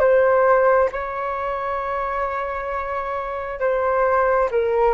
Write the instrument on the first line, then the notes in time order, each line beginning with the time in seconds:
flute
0.00 C5
0.92 C#5
3.60 C5
4.51 A#4